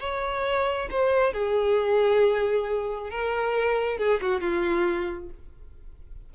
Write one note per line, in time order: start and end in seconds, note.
0.00 0.89 C#5
0.91 1.33 C5
1.33 3.11 G#4
3.11 3.98 A#4
3.98 4.21 G#4
4.22 4.41 F#4
4.41 5.30 F4